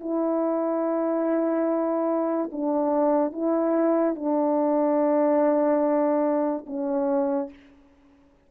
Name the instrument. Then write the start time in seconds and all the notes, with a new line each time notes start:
horn
0.00 E4
2.52 D4
3.33 E4
4.16 D4
6.67 C#4